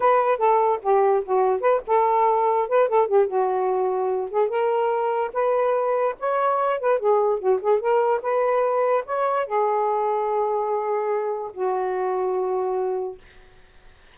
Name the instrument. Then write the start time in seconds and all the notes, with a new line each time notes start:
saxophone
0.00 B4
0.38 A4
0.82 G4
1.24 F#4
1.60 B4
1.86 A4
2.68 B4
2.89 A4
3.07 G4
3.27 F#4
4.30 G#4
4.49 A#4
5.33 B4
6.19 C#5
6.80 B4
6.99 G#4
7.39 F#4
7.61 G#4
7.80 A#4
8.22 B4
9.05 C#5
9.46 G#4
11.53 F#4